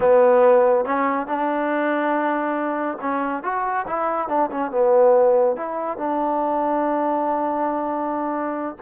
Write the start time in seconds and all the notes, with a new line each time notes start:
0.00 B3
0.85 C#4
1.26 D4
3.00 C#4
3.43 F#4
3.87 E4
4.28 D4
4.51 C#4
4.71 B3
5.56 E4
5.97 D4